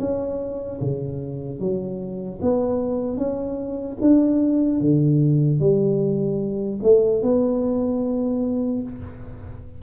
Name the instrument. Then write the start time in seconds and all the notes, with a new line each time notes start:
tuba
0.00 C#4
0.81 C#3
1.60 F#3
2.42 B3
3.17 C#4
4.01 D4
4.81 D3
5.60 G3
6.83 A3
7.23 B3